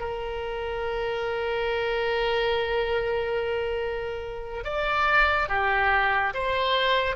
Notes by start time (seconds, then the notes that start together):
0.00 A#4
4.64 D5
5.49 G4
6.35 C5